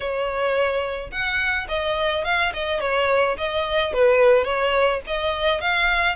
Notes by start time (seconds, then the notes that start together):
0.00 C#5
1.11 F#5
1.68 D#5
2.24 F5
2.53 D#5
2.80 C#5
3.37 D#5
3.93 B4
4.44 C#5
5.06 D#5
5.60 F5